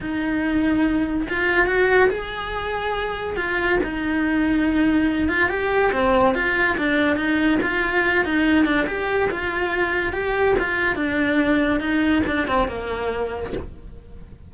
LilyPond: \new Staff \with { instrumentName = "cello" } { \time 4/4 \tempo 4 = 142 dis'2. f'4 | fis'4 gis'2. | f'4 dis'2.~ | dis'8 f'8 g'4 c'4 f'4 |
d'4 dis'4 f'4. dis'8~ | dis'8 d'8 g'4 f'2 | g'4 f'4 d'2 | dis'4 d'8 c'8 ais2 | }